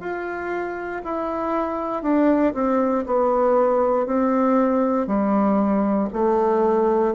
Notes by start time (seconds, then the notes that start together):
0.00 F4
1.04 E4
2.02 D4
2.54 C4
3.06 B3
4.06 C4
5.07 G3
6.13 A3